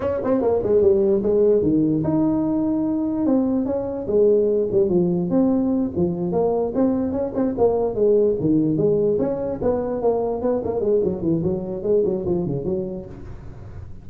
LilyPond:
\new Staff \with { instrumentName = "tuba" } { \time 4/4 \tempo 4 = 147 cis'8 c'8 ais8 gis8 g4 gis4 | dis4 dis'2. | c'4 cis'4 gis4. g8 | f4 c'4. f4 ais8~ |
ais8 c'4 cis'8 c'8 ais4 gis8~ | gis8 dis4 gis4 cis'4 b8~ | b8 ais4 b8 ais8 gis8 fis8 e8 | fis4 gis8 fis8 f8 cis8 fis4 | }